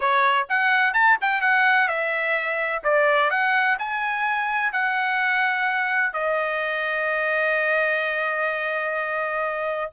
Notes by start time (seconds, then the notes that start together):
0.00 C#5
0.49 F#5
0.93 A5
1.21 G5
1.41 F#5
1.88 E5
2.83 D5
3.30 F#5
3.79 G#5
4.72 F#5
6.13 D#5